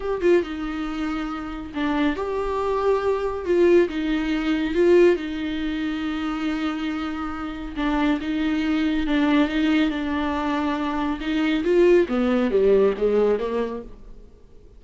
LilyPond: \new Staff \with { instrumentName = "viola" } { \time 4/4 \tempo 4 = 139 g'8 f'8 dis'2. | d'4 g'2. | f'4 dis'2 f'4 | dis'1~ |
dis'2 d'4 dis'4~ | dis'4 d'4 dis'4 d'4~ | d'2 dis'4 f'4 | b4 g4 gis4 ais4 | }